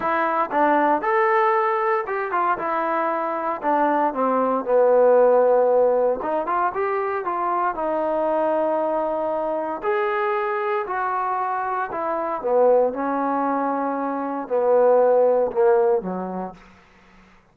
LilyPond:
\new Staff \with { instrumentName = "trombone" } { \time 4/4 \tempo 4 = 116 e'4 d'4 a'2 | g'8 f'8 e'2 d'4 | c'4 b2. | dis'8 f'8 g'4 f'4 dis'4~ |
dis'2. gis'4~ | gis'4 fis'2 e'4 | b4 cis'2. | b2 ais4 fis4 | }